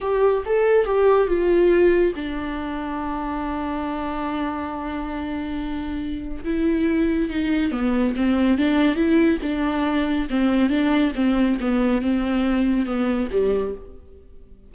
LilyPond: \new Staff \with { instrumentName = "viola" } { \time 4/4 \tempo 4 = 140 g'4 a'4 g'4 f'4~ | f'4 d'2.~ | d'1~ | d'2. e'4~ |
e'4 dis'4 b4 c'4 | d'4 e'4 d'2 | c'4 d'4 c'4 b4 | c'2 b4 g4 | }